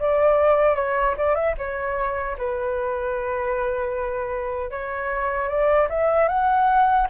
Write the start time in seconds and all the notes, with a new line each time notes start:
0.00 D5
0.76 C#5
1.18 D5
1.35 E5
1.58 C#5
2.38 B4
4.71 C#5
5.49 D5
5.90 E5
6.29 F#5